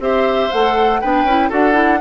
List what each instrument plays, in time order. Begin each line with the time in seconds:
0.00 bassoon C4, clarinet G4, oboe C5, flute E5
0.52 bassoon A3, clarinet A4, flute F#5
1.01 bassoon B3, clarinet D4, oboe B4, flute G5
1.24 bassoon C#4, clarinet E4
1.50 bassoon D4, clarinet F#4, oboe A4, flute F#5
1.73 clarinet E4